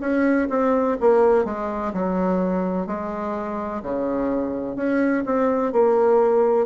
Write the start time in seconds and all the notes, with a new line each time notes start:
0.00 C#4
0.49 C4
1.00 A#3
1.45 G#3
1.93 F#3
2.87 G#3
3.83 C#3
4.76 C#4
5.26 C4
5.72 A#3